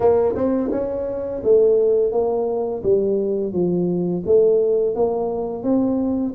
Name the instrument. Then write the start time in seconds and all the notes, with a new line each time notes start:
tuba
0.00 A#3
0.35 C4
0.71 C#4
1.43 A3
2.11 A#3
2.83 G3
3.52 F3
4.25 A3
4.95 A#3
5.63 C4